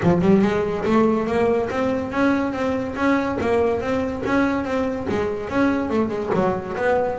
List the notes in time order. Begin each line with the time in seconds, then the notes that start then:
0.02 F3
0.21 G3
0.41 G#3
0.84 A3
1.26 A#3
1.70 C4
2.11 C#4
2.52 C4
2.95 C#4
3.41 A#3
3.80 C4
4.25 C#4
4.64 C4
5.08 G#3
5.49 C#4
5.89 A3
6.08 G#3
6.34 F#3
6.76 B3